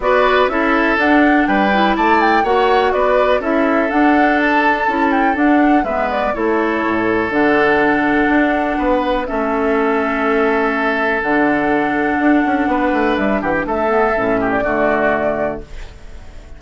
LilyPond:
<<
  \new Staff \with { instrumentName = "flute" } { \time 4/4 \tempo 4 = 123 d''4 e''4 fis''4 g''4 | a''8 g''8 fis''4 d''4 e''4 | fis''4 a''4. g''8 fis''4 | e''8 d''8 cis''2 fis''4~ |
fis''2. e''4~ | e''2. fis''4~ | fis''2. e''8 fis''16 g''16 | e''4.~ e''16 d''2~ d''16 | }
  \new Staff \with { instrumentName = "oboe" } { \time 4/4 b'4 a'2 b'4 | d''4 cis''4 b'4 a'4~ | a'1 | b'4 a'2.~ |
a'2 b'4 a'4~ | a'1~ | a'2 b'4. g'8 | a'4. g'8 fis'2 | }
  \new Staff \with { instrumentName = "clarinet" } { \time 4/4 fis'4 e'4 d'4. e'8~ | e'4 fis'2 e'4 | d'2 e'4 d'4 | b4 e'2 d'4~ |
d'2. cis'4~ | cis'2. d'4~ | d'1~ | d'8 b8 cis'4 a2 | }
  \new Staff \with { instrumentName = "bassoon" } { \time 4/4 b4 cis'4 d'4 g4 | a4 ais4 b4 cis'4 | d'2 cis'4 d'4 | gis4 a4 a,4 d4~ |
d4 d'4 b4 a4~ | a2. d4~ | d4 d'8 cis'8 b8 a8 g8 e8 | a4 a,4 d2 | }
>>